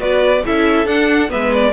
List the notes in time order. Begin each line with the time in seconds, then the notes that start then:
0.00 B3 F#4 B4 D5
0.45 C#4 E4 A4 E5
0.86 D4 F#5
1.29 G#3 B3 B4 E5
1.54 D5